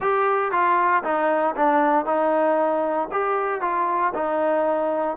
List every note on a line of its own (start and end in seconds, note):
0.00 0.51 G4
0.51 1.03 F4
1.03 1.55 D#4
1.56 2.05 D4
2.05 3.08 D#4
3.11 3.61 G4
3.61 4.13 F4
4.14 5.17 D#4